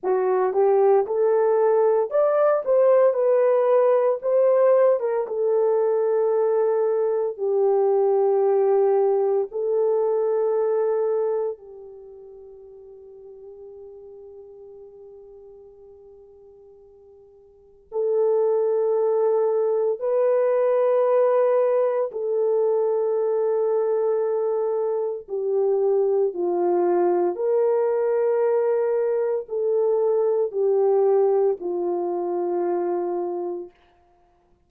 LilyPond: \new Staff \with { instrumentName = "horn" } { \time 4/4 \tempo 4 = 57 fis'8 g'8 a'4 d''8 c''8 b'4 | c''8. ais'16 a'2 g'4~ | g'4 a'2 g'4~ | g'1~ |
g'4 a'2 b'4~ | b'4 a'2. | g'4 f'4 ais'2 | a'4 g'4 f'2 | }